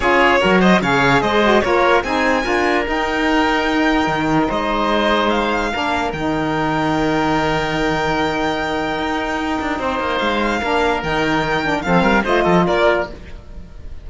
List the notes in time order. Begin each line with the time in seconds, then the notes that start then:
0.00 C#4 F4 G#4 C#5
0.39 F#3 F#4 A#4
0.60 C5 D#5
0.81 C#3 G#4 C#5 F5
1.21 G#3 C5 D#5
1.42 F#4
1.61 A#3 F4 A#4 C#5
2.03 C4 D#4 G#4 G#5
2.43 D4 F4 A#4
2.85 D#4 G5
4.07 D#3
4.48 G#3 C5 D#5
5.29 F5
5.72 A#3 D4 A#4
6.12 D#3 D#4 G5
8.97 D#4
9.61 D4
9.79 C4 C5
9.99 A#3
10.18 G#3 F5
10.61 A#3 D4 A#4
11.03 D#3 D#4 G5
11.63 D4
11.82 F3 C4 A4 F5
12.02 G3 A#4
12.23 A3 F4 C5 D#5
12.43 F3 A4
12.66 A#3 A#4 D5